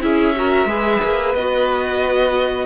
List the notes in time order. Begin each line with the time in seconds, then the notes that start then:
0.00 C#4 E4 G#4 E5
0.35 F#4 A#4
0.65 G#3 G#4 B4
1.03 A#3
1.34 B3 F#4 D#5